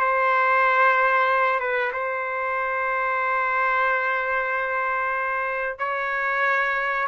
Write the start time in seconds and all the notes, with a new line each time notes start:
0.00 C5
1.60 B4
1.93 C5
5.79 C#5